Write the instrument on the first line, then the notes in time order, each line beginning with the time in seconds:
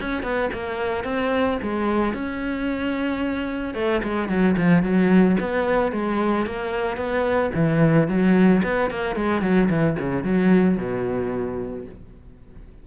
cello
0.00 C#4
0.22 B3
0.53 A#3
1.04 C4
1.62 G#3
2.14 C#4
3.74 A3
4.03 G#3
4.29 F#3
4.57 F3
4.83 F#3
5.40 B3
5.92 G#3
6.46 A#3
6.97 B3
7.54 E3
8.08 F#3
8.63 B3
8.90 A#3
9.15 G#3
9.42 F#3
9.69 E3
9.99 C#3
10.24 F#3
10.77 B2